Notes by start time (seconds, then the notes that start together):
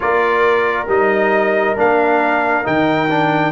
0.00 A#3 F4 A#4 D5
0.87 G3 D#4 D#5
1.76 A#3 D4 F5
2.64 D#3 D#4 G5
3.09 D4